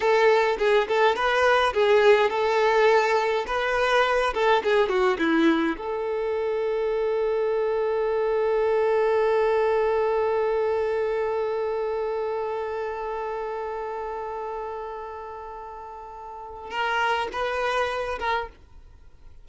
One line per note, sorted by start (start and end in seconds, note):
0.00 0.57 A4
0.58 0.87 G#4
0.88 1.15 A4
1.15 1.73 B4
1.73 2.29 G#4
2.29 3.45 A4
3.46 4.33 B4
4.33 4.62 A4
4.63 4.88 G#4
4.88 5.17 F#4
5.18 5.76 E4
5.77 16.70 A4
16.70 17.28 A#4
17.32 18.18 B4
18.19 18.48 A#4